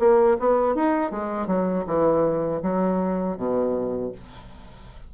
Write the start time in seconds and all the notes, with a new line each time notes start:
0.00 A#3
0.40 B3
0.75 D#4
1.11 G#3
1.48 F#3
1.87 E3
2.62 F#3
3.37 B2